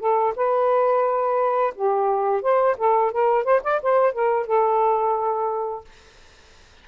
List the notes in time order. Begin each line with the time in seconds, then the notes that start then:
0.00 A4
0.36 B4
1.75 G4
2.42 C5
2.78 A4
3.12 A#4
3.45 C5
3.64 D5
3.83 C5
4.13 A#4
4.47 A4